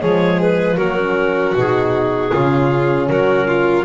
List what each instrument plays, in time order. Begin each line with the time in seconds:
0.00 double bass F3, horn G#3, violin G#4, clarinet C#5
0.41 clarinet B4
0.76 double bass F#3, horn A#3, violin F#4, clarinet A#4
0.97 horn C#4
1.55 double bass B2, horn D#4, clarinet G#4
2.31 double bass C#3, horn C#4, violin F4
3.08 double bass F#3, violin F#4, clarinet A#4
3.47 violin F4